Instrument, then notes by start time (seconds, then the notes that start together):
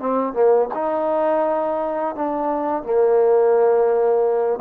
trombone
0.00 C4
0.34 A#3
0.74 D#4
2.16 D4
2.84 A#3